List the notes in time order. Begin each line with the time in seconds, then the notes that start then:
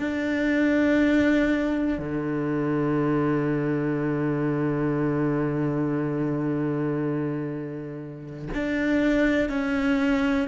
0.00 D4
1.99 D3
8.55 D4
9.50 C#4